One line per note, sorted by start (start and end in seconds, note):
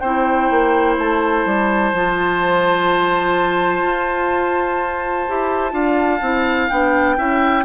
0.00 0.50 C4
0.00 1.95 E4
0.00 5.73 C5
0.00 0.95 G5
0.51 0.98 A#3
0.99 1.46 A3
0.99 6.69 A5
1.46 1.93 G3
1.93 3.83 F3
1.93 5.28 F4
3.83 5.26 F4
5.28 5.73 E4
5.28 5.71 G4
5.71 6.21 D4
5.71 6.19 F4
5.71 7.17 F5
6.22 6.69 C4
6.22 6.70 E4
6.69 7.18 B3
6.69 7.17 D4
6.69 7.65 G5
7.17 7.65 C#4
7.17 7.65 E4
7.17 7.65 E5